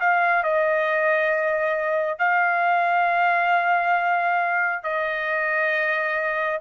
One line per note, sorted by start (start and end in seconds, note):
0.00 0.43 F5
0.43 2.18 D#5
2.18 4.83 F5
4.83 6.59 D#5